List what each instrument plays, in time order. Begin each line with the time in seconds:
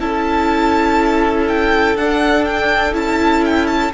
0.00 cello C#4, viola E4, violin A4 A5
1.48 violin G5
1.96 cello D4, viola D4, violin F#5
2.45 violin G5
2.93 cello C#4, viola E4, violin A5
3.45 violin G5
3.67 violin A5